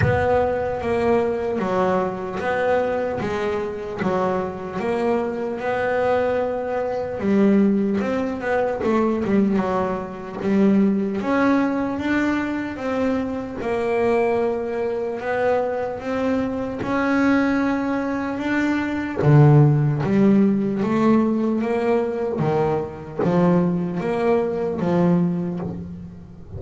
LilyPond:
\new Staff \with { instrumentName = "double bass" } { \time 4/4 \tempo 4 = 75 b4 ais4 fis4 b4 | gis4 fis4 ais4 b4~ | b4 g4 c'8 b8 a8 g8 | fis4 g4 cis'4 d'4 |
c'4 ais2 b4 | c'4 cis'2 d'4 | d4 g4 a4 ais4 | dis4 f4 ais4 f4 | }